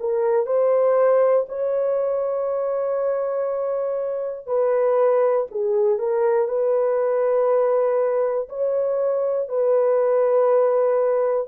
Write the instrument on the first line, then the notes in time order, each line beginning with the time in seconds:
horn
0.00 A#4
0.46 C5
1.49 C#5
4.47 B4
5.51 G#4
5.99 A#4
6.48 B4
8.49 C#5
9.49 B4